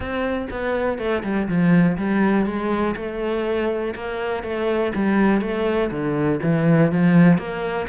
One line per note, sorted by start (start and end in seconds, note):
0.00 0.48 C4
0.50 0.98 B3
0.98 1.23 A3
1.23 1.47 G3
1.48 1.97 F3
1.97 2.46 G3
2.46 2.95 G#3
2.96 3.94 A3
3.95 4.43 A#3
4.43 4.92 A3
4.95 5.41 G3
5.41 5.90 A3
5.90 6.39 D3
6.42 6.91 E3
6.92 7.37 F3
7.37 7.87 A#3